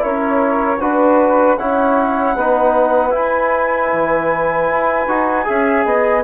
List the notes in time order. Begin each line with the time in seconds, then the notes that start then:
0.00 C#4 E4 A#4 C#5
0.80 D4 F#4 B4
1.57 C#4 E4 C#5 F#5
2.35 B3 D#4 B4
3.11 E4 G#5
3.93 E3
4.71 E4
5.08 D#4 F#4
5.45 C#4 G#4 E5
5.86 B3 D#5